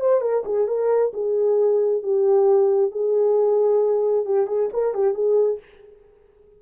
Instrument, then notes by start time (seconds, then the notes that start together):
horn
0.00 C5
0.21 A#4
0.45 G#4
0.67 A#4
1.13 G#4
2.03 G4
2.91 G#4
4.25 G4
4.47 G#4
4.73 A#4
4.94 G4
5.14 G#4